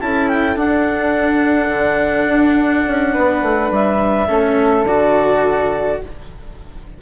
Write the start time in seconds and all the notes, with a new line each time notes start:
0.00 C#4 E4 A4 A5
0.29 G5
0.56 D4 F#5
1.69 D3
2.28 D4
2.87 C#4
3.13 B3 B4
3.43 A3
3.71 G3 E5
4.28 A3 C#4 A4
4.86 D3 F#4 D5